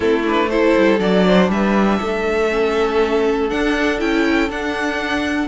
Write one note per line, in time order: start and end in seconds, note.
0.00 0.74 A3
0.00 0.24 C4
0.00 0.49 E4
0.00 0.23 A4
0.25 0.50 D4
0.25 0.49 B4
0.49 0.99 E4
0.49 1.26 A4
0.49 0.99 C5
0.77 0.99 G3
0.99 1.49 F#3
0.99 2.49 D4
0.99 1.49 D5
1.26 1.51 C5
1.49 1.99 G3
1.49 1.99 B4
1.49 3.49 E5
1.99 3.52 A3
1.99 5.48 A4
2.50 3.49 C#4
3.49 3.99 D4
3.49 4.01 D4
3.49 3.99 F#5
3.99 4.49 C#4
3.99 4.49 E4
3.99 4.50 G5
4.49 5.48 D4
4.49 5.48 F#5